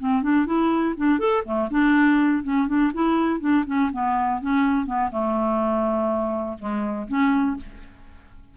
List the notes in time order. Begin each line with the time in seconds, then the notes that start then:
0.00 C4
0.23 D4
0.47 E4
0.97 D4
1.20 A4
1.45 A3
1.71 D4
2.44 C#4
2.68 D4
2.94 E4
3.40 D4
3.67 C#4
3.93 B3
4.41 C#4
4.86 B3
5.12 A3
6.59 G#3
7.08 C#4